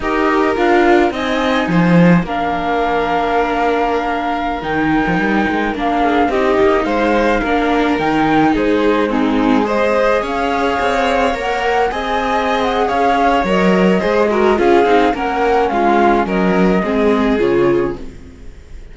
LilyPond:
<<
  \new Staff \with { instrumentName = "flute" } { \time 4/4 \tempo 4 = 107 dis''4 f''4 gis''2 | f''1~ | f''16 g''2 f''4 dis''8.~ | dis''16 f''2 g''4 c''8.~ |
c''16 gis'4 dis''4 f''4.~ f''16~ | f''16 fis''4 gis''4~ gis''16 fis''8 f''4 | dis''2 f''4 fis''4 | f''4 dis''2 cis''4 | }
  \new Staff \with { instrumentName = "violin" } { \time 4/4 ais'2 dis''4 c''4 | ais'1~ | ais'2~ ais'8. gis'8 g'8.~ | g'16 c''4 ais'2 gis'8.~ |
gis'16 dis'4 c''4 cis''4.~ cis''16~ | cis''4~ cis''16 dis''4.~ dis''16 cis''4~ | cis''4 c''8 ais'8 gis'4 ais'4 | f'4 ais'4 gis'2 | }
  \new Staff \with { instrumentName = "viola" } { \time 4/4 g'4 f'4 dis'2 | d'1~ | d'16 dis'2 d'4 dis'8.~ | dis'4~ dis'16 d'4 dis'4.~ dis'16~ |
dis'16 c'4 gis'2~ gis'8.~ | gis'16 ais'4 gis'2~ gis'8. | ais'4 gis'8 fis'8 f'8 dis'8 cis'4~ | cis'2 c'4 f'4 | }
  \new Staff \with { instrumentName = "cello" } { \time 4/4 dis'4 d'4 c'4 f4 | ais1~ | ais16 dis8. f16 g8 gis8 ais4 c'8 ais16~ | ais16 gis4 ais4 dis4 gis8.~ |
gis2~ gis16 cis'4 c'8.~ | c'16 ais4 c'4.~ c'16 cis'4 | fis4 gis4 cis'8 c'8 ais4 | gis4 fis4 gis4 cis4 | }
>>